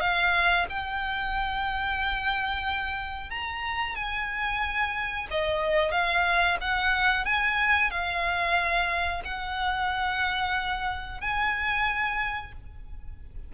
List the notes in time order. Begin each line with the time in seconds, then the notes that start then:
0.00 F5
0.69 G5
3.30 A#5
3.95 G#5
5.30 D#5
5.91 F5
6.61 F#5
7.25 G#5
7.90 F5
9.24 F#5
11.20 G#5